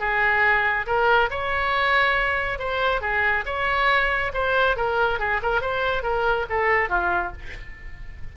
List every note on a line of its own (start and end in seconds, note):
0.00 0.86 G#4
0.87 1.30 A#4
1.31 2.59 C#5
2.59 3.02 C5
3.02 3.45 G#4
3.46 4.32 C#5
4.34 4.77 C5
4.77 5.20 A#4
5.20 5.41 G#4
5.43 5.62 A#4
5.62 6.03 C5
6.03 6.46 A#4
6.50 6.89 A4
6.89 7.33 F4